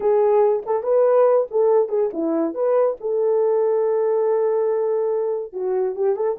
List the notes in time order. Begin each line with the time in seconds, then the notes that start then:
0.00 G#4
0.65 A4
0.83 B4
1.50 A4
1.89 G#4
2.13 E4
2.54 B4
3.00 A4
5.52 F#4
5.95 G4
6.15 A4